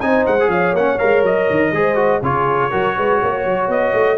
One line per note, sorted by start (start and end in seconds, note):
0.00 0.26 C4
0.00 0.39 D#4
0.00 0.49 C5
0.00 0.25 G#5
0.26 0.48 G#3
0.26 0.50 F#5
0.40 0.77 G#4
0.48 0.72 F3
0.48 1.72 C#5
0.48 0.75 F5
0.72 0.97 A#3
0.72 0.98 C#4
0.72 0.98 F#5
0.98 1.23 G#3
0.98 1.72 A#4
0.98 1.23 F5
1.23 1.47 F#3
1.23 2.23 D#5
1.50 1.71 D#3
1.71 2.21 G#3
1.71 1.95 G#4
1.71 2.21 C5
1.95 2.20 F#4
2.21 2.71 C#3
2.21 2.71 F4
2.21 2.70 G#4
2.21 3.70 C#5
2.70 2.97 F#3
2.70 4.18 F#4
2.70 2.95 A#4
2.96 3.22 G#3
2.96 3.21 B4
3.22 3.44 A#3
3.22 4.18 C#5
3.44 3.68 F#3
3.68 3.93 B3
3.68 4.18 D#5
3.93 4.18 A3